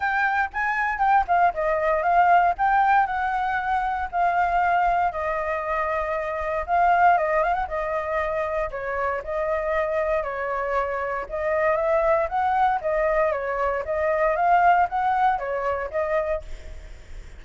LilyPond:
\new Staff \with { instrumentName = "flute" } { \time 4/4 \tempo 4 = 117 g''4 gis''4 g''8 f''8 dis''4 | f''4 g''4 fis''2 | f''2 dis''2~ | dis''4 f''4 dis''8 f''16 fis''16 dis''4~ |
dis''4 cis''4 dis''2 | cis''2 dis''4 e''4 | fis''4 dis''4 cis''4 dis''4 | f''4 fis''4 cis''4 dis''4 | }